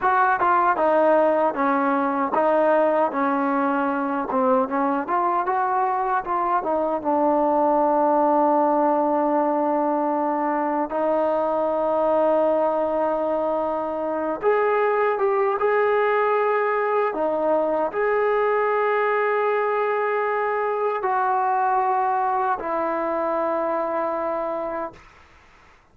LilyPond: \new Staff \with { instrumentName = "trombone" } { \time 4/4 \tempo 4 = 77 fis'8 f'8 dis'4 cis'4 dis'4 | cis'4. c'8 cis'8 f'8 fis'4 | f'8 dis'8 d'2.~ | d'2 dis'2~ |
dis'2~ dis'8 gis'4 g'8 | gis'2 dis'4 gis'4~ | gis'2. fis'4~ | fis'4 e'2. | }